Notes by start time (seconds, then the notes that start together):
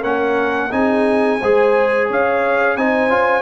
0.00 A#3 C#4 A#4 F#5
0.71 C4 D#4 G#4 G#5
1.40 G#3 G#4 C5
2.08 C#4 C#5 F5
2.76 C4 D#4 C5 G#5
3.08 C#4 F4